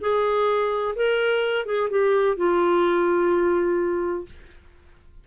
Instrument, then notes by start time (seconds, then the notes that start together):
clarinet
0.00 G#4
0.95 A#4
1.65 G#4
1.90 G4
2.36 F4